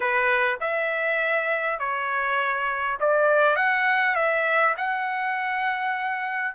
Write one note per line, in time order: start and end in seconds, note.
0.00 0.59 B4
0.60 1.79 E5
1.79 2.98 C#5
3.00 3.56 D5
3.56 4.15 F#5
4.15 4.74 E5
4.77 6.54 F#5